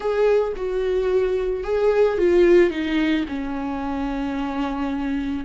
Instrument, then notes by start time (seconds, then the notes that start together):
viola
0.00 G#4
0.56 F#4
1.63 G#4
2.18 F4
2.70 D#4
3.28 C#4